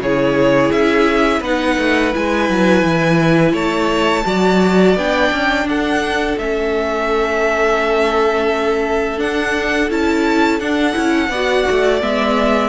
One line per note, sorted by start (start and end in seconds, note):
0.00 0.71 C#3
0.00 1.44 E4
0.00 1.41 G#4
0.00 0.72 C#5
0.72 1.41 C#4
0.72 1.43 E5
1.41 1.76 B3
1.41 2.13 D#4
1.41 3.52 B4
1.41 2.15 F#5
1.79 2.14 A3
2.13 2.50 G#3
2.13 4.25 E4
2.13 3.56 G#5
2.50 2.84 F#3
2.84 3.54 E3
3.53 4.24 A3
3.53 4.24 C#5
3.53 4.97 A5
4.26 4.96 F#3
4.26 4.96 F#4
4.26 5.68 D5
4.96 5.31 B3
4.96 6.39 D4
4.96 5.69 G5
5.32 5.66 C#4
5.66 6.36 D4
5.66 11.31 A4
5.66 6.39 F#5
6.38 9.20 A3
6.38 9.18 C#4
6.38 9.20 E5
9.18 9.89 D4
9.18 9.91 D4
9.18 9.91 F#5
9.90 10.60 C#4
9.90 10.61 E4
9.90 10.61 A5
10.60 10.96 D4
10.60 10.94 D4
10.60 12.02 F#5
10.94 11.29 C#4
10.94 11.29 E4
11.29 11.65 B3
11.29 12.01 F#4
11.29 12.69 D5
11.71 12.02 A3
12.01 12.69 G#3
12.01 12.69 B3
12.01 12.69 E5